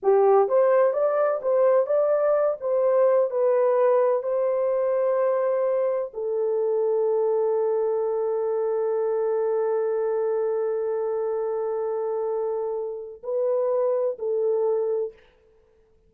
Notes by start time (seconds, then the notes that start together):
0.02 G4
0.48 C5
0.93 D5
1.42 C5
1.86 D5
2.60 C5
3.30 B4
4.22 C5
6.13 A4
13.23 B4
14.18 A4